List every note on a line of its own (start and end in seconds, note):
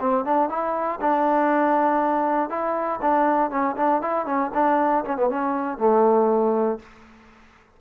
0.00 0.25 C4
0.25 0.49 D4
0.49 1.00 E4
1.01 2.50 D4
2.50 3.00 E4
3.01 3.50 D4
3.50 3.75 C#4
3.77 4.01 D4
4.01 4.26 E4
4.26 4.51 C#4
4.54 5.04 D4
5.05 5.17 C#4
5.17 5.29 B3
5.30 5.78 C#4
5.78 6.79 A3